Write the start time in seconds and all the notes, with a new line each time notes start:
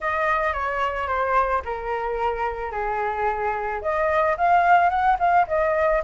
0.00 D#5
0.53 C#5
1.07 C5
1.64 A#4
2.71 G#4
3.81 D#5
4.37 F5
4.89 F#5
5.19 F5
5.47 D#5